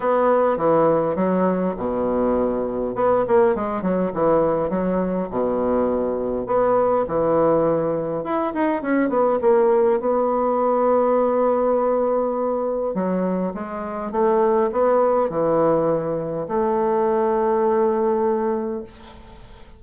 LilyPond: \new Staff \with { instrumentName = "bassoon" } { \time 4/4 \tempo 4 = 102 b4 e4 fis4 b,4~ | b,4 b8 ais8 gis8 fis8 e4 | fis4 b,2 b4 | e2 e'8 dis'8 cis'8 b8 |
ais4 b2.~ | b2 fis4 gis4 | a4 b4 e2 | a1 | }